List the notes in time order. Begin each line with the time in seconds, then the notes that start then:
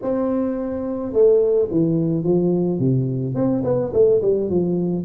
0.02 C4
1.12 A3
1.71 E3
2.23 F3
2.79 C3
3.34 C4
3.64 B3
3.93 A3
4.21 G3
4.49 F3